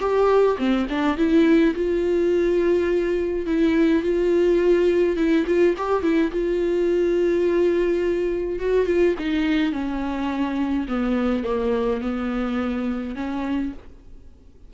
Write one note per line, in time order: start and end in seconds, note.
0.00 0.57 G4
0.58 0.86 C4
0.89 1.17 D4
1.17 1.74 E4
1.75 3.46 F4
3.46 4.03 E4
4.03 5.17 F4
5.17 5.45 E4
5.46 5.75 F4
5.77 6.03 G4
6.03 6.31 E4
6.31 8.59 F4
8.59 8.86 F#4
8.86 9.15 F4
9.19 9.72 D#4
9.72 10.87 C#4
10.88 11.44 B3
11.44 12.01 A#3
12.01 13.15 B3
13.15 13.72 C#4